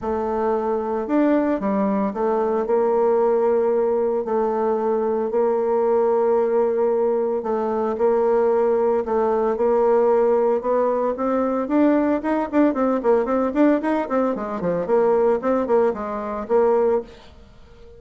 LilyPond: \new Staff \with { instrumentName = "bassoon" } { \time 4/4 \tempo 4 = 113 a2 d'4 g4 | a4 ais2. | a2 ais2~ | ais2 a4 ais4~ |
ais4 a4 ais2 | b4 c'4 d'4 dis'8 d'8 | c'8 ais8 c'8 d'8 dis'8 c'8 gis8 f8 | ais4 c'8 ais8 gis4 ais4 | }